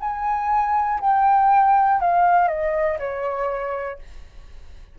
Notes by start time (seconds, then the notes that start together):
0.00 G#5
1.01 G5
2.01 F5
2.49 D#5
2.99 C#5